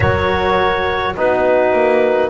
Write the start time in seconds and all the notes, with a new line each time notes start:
0.00 F#3 F#4 A#4 C#5
1.15 B3 D#4 F#4 B4
1.72 A#3